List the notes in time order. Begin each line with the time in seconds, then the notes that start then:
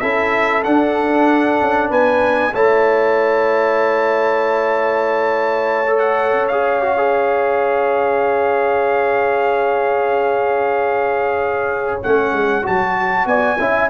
0.00 C#4 E4 A4 E5
0.64 D4 F#5
1.61 C#4
1.90 B3 B4 G#5
2.54 A3 E4 C#5 A5
5.87 A4
5.99 F#5
6.33 C#4
6.48 G#4 F5
6.82 F#4
6.97 G#4
12.03 A3 C#4 F#5
12.33 G#3
12.63 F#3 F#4 A5
13.26 B3 D5 G#5
13.59 C#4 E4 E5